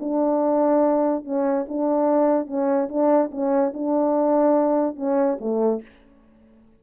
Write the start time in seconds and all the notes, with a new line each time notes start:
0.00 D4
1.25 C#4
1.69 D4
2.47 C#4
2.89 D4
3.31 C#4
3.74 D4
4.96 C#4
5.41 A3